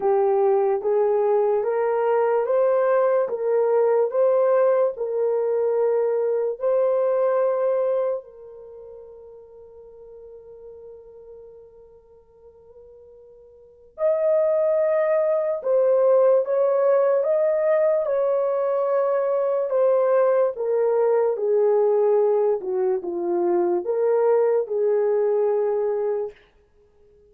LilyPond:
\new Staff \with { instrumentName = "horn" } { \time 4/4 \tempo 4 = 73 g'4 gis'4 ais'4 c''4 | ais'4 c''4 ais'2 | c''2 ais'2~ | ais'1~ |
ais'4 dis''2 c''4 | cis''4 dis''4 cis''2 | c''4 ais'4 gis'4. fis'8 | f'4 ais'4 gis'2 | }